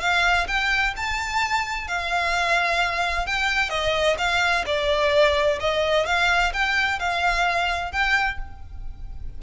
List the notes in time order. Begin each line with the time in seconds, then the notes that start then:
0.00 F5
0.47 G5
0.96 A5
1.87 F5
3.26 G5
3.70 D#5
4.18 F5
4.66 D5
5.60 D#5
6.06 F5
6.53 G5
6.99 F5
7.92 G5